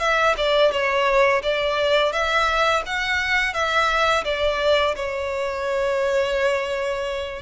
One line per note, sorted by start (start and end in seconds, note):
0.00 0.35 E5
0.38 0.72 D5
0.72 1.42 C#5
1.43 2.13 D5
2.13 2.83 E5
2.87 3.54 F#5
3.54 4.25 E5
4.25 4.96 D5
4.96 7.42 C#5